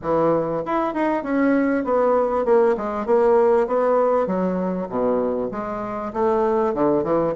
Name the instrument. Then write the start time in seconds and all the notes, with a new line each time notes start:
bassoon
0.01 E3
0.65 E4
0.94 D#4
1.23 C#4
1.84 B3
2.45 A#3
2.77 G#3
3.06 A#3
3.67 B3
4.27 F#3
4.89 B2
5.51 G#3
6.13 A3
6.73 D3
7.03 E3